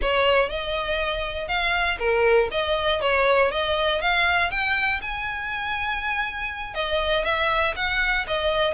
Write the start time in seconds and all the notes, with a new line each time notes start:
0.01 C#5
0.49 D#5
1.47 F5
1.98 A#4
2.51 D#5
3.01 C#5
3.51 D#5
4.01 F5
4.50 G5
5.01 G#5
6.74 D#5
7.24 E5
7.76 F#5
8.27 D#5